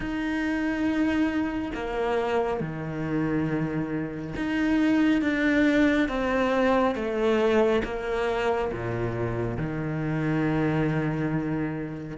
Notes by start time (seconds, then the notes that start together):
0.00 D#4
1.74 A#3
2.60 D#3
4.36 D#4
5.21 D4
6.08 C4
6.95 A3
7.84 A#3
8.72 A#2
9.57 D#3